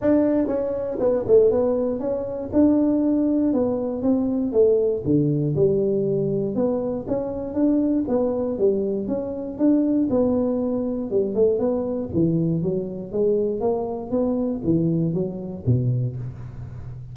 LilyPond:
\new Staff \with { instrumentName = "tuba" } { \time 4/4 \tempo 4 = 119 d'4 cis'4 b8 a8 b4 | cis'4 d'2 b4 | c'4 a4 d4 g4~ | g4 b4 cis'4 d'4 |
b4 g4 cis'4 d'4 | b2 g8 a8 b4 | e4 fis4 gis4 ais4 | b4 e4 fis4 b,4 | }